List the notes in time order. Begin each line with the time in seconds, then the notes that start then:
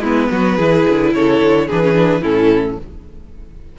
0.00 G#3 B3 E4 B4
0.31 F#3 F#4
0.56 E3 E4 G#4
0.88 D3
1.13 C#3 A4 C#5
1.41 D3
1.67 E3 D4 G#4 B4
1.83 C#4
1.93 D4
2.21 A2 C#4 E4 A4